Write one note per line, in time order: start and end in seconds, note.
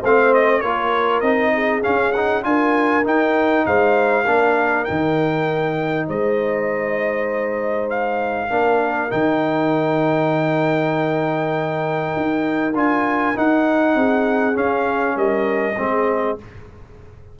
0.00 0.64 A3
0.00 0.64 C4
0.00 0.61 C5
0.00 0.34 F5
0.34 0.61 D#5
0.61 1.22 A#3
0.61 1.24 F4
0.61 1.53 A#4
0.61 1.21 C#5
1.21 1.83 C4
1.21 1.83 D#4
1.21 1.82 D#5
1.54 2.45 G#4
1.83 2.13 C#4
1.83 2.45 C#4
1.83 2.12 F5
2.12 2.43 D#4
2.12 2.43 F#5
2.43 3.06 D4
2.43 3.03 F4
2.43 3.67 A#4
2.43 3.05 G#5
3.04 4.25 D#4
3.04 3.66 D#4
3.04 3.66 G5
3.66 4.27 G#3
3.66 4.24 C5
3.66 4.85 F5
4.24 4.87 A#3
4.24 4.87 D4
4.24 6.06 A#4
4.85 6.09 D#3
4.85 8.50 D#4
4.85 6.06 G5
6.08 8.51 G#3
6.08 8.50 C5
6.08 7.90 D#5
7.90 9.11 F5
8.50 9.11 A#3
8.50 9.10 D4
8.50 13.96 A#4
9.10 12.16 D#3
9.10 12.73 D#4
9.10 12.75 G5
12.16 12.75 D#4
12.75 13.35 D4
12.75 13.35 F4
12.75 13.38 G#5
13.35 14.54 D#4
13.35 13.95 D#4
13.35 14.57 F#5
13.95 14.56 C4
13.95 15.16 G#4
14.54 15.76 C#4
14.54 15.16 C#4
14.54 15.18 F5
15.16 15.77 G3
15.16 15.77 A#4
15.16 16.39 D#5
15.78 16.39 G#3
15.78 16.38 C4
15.78 16.40 G#4